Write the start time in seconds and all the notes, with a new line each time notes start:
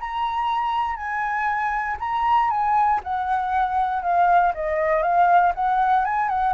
0.00 A#5
0.96 G#5
2.00 A#5
2.50 G#5
3.04 F#5
4.02 F5
4.55 D#5
5.03 F5
5.55 F#5
6.05 G#5
6.29 F#5